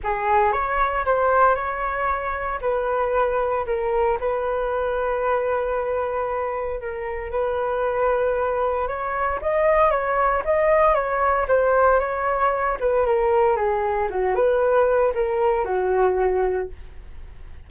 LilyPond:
\new Staff \with { instrumentName = "flute" } { \time 4/4 \tempo 4 = 115 gis'4 cis''4 c''4 cis''4~ | cis''4 b'2 ais'4 | b'1~ | b'4 ais'4 b'2~ |
b'4 cis''4 dis''4 cis''4 | dis''4 cis''4 c''4 cis''4~ | cis''8 b'8 ais'4 gis'4 fis'8 b'8~ | b'4 ais'4 fis'2 | }